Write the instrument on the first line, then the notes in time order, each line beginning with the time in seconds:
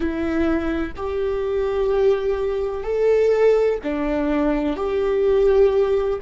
viola
0.00 E4
0.96 G4
2.83 A4
3.83 D4
4.76 G4